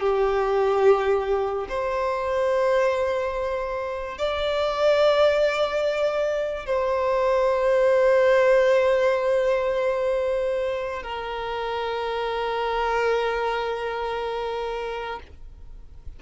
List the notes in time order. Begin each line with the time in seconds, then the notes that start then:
0.00 G4
1.69 C5
4.18 D5
6.66 C5
11.03 A#4